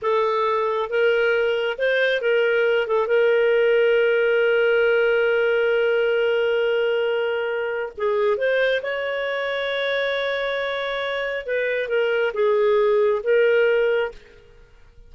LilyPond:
\new Staff \with { instrumentName = "clarinet" } { \time 4/4 \tempo 4 = 136 a'2 ais'2 | c''4 ais'4. a'8 ais'4~ | ais'1~ | ais'1~ |
ais'2 gis'4 c''4 | cis''1~ | cis''2 b'4 ais'4 | gis'2 ais'2 | }